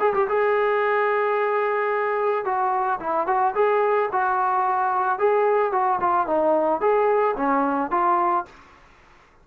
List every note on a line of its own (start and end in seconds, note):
0.00 0.14 G#4
0.14 0.28 G4
0.29 2.45 G#4
2.45 3.00 F#4
3.00 3.27 E4
3.27 3.55 F#4
3.55 4.10 G#4
4.12 5.19 F#4
5.19 5.72 G#4
5.72 6.00 F#4
6.01 6.27 F4
6.27 6.81 D#4
6.81 7.36 G#4
7.37 7.91 C#4
7.91 8.45 F4